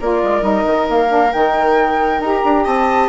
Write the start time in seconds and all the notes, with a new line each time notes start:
0.00 A#3 F4 A#4 D5
0.23 G#3
0.40 G3 D#4 D#5
0.65 D#3
0.89 A#3 F5
1.07 D4
1.32 D#3 D#4 G5
2.19 D#4 G4 A#5
2.44 D4
2.64 C4 D#5 A5